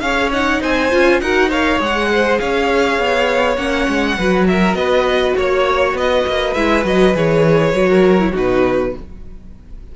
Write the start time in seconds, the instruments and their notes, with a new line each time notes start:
0.00 cello C#4, viola G#4, violin C#5 F5
0.33 viola D#4, violin F#5
0.61 cello C4, violin C5 G#5
0.91 cello C#4, viola F4
1.21 cello D#4, viola F#4, violin A#4 F#5
1.49 viola A#4, violin C#5 F5
1.78 cello G#3, viola G#4, violin F#5
2.12 violin C5
2.39 cello C#4, violin C#5 F5
2.99 cello B3
3.56 cello A#3, viola C#4, violin F#5
3.88 cello G#3
4.18 cello F#3, viola F#4, violin B4
4.48 violin A#4 E5
4.74 cello B3, violin B4 D#5
5.37 cello A#3, violin C#5
5.93 cello B3, violin B4 D#5
6.27 cello A#3
6.54 cello G#3, viola E4, violin E5
6.83 cello F#3, viola F#4, violin D#5
7.14 cello E3, viola G#4, violin C#5
7.73 cello F#3, viola F#4
7.89 violin A#4
8.19 viola E4
8.31 cello B2, viola D#4, violin F#4 B4